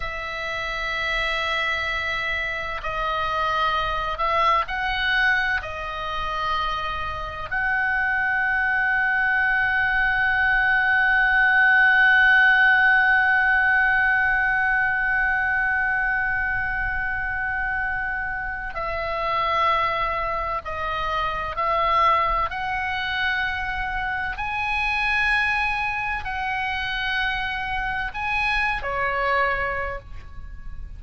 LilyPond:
\new Staff \with { instrumentName = "oboe" } { \time 4/4 \tempo 4 = 64 e''2. dis''4~ | dis''8 e''8 fis''4 dis''2 | fis''1~ | fis''1~ |
fis''1 | e''2 dis''4 e''4 | fis''2 gis''2 | fis''2 gis''8. cis''4~ cis''16 | }